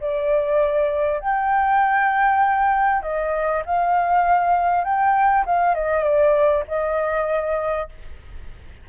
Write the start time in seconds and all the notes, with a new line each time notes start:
0.00 D5
1.20 G5
3.02 D#5
3.65 F5
4.84 G5
5.45 F5
5.74 D#5
6.03 D5
6.67 D#5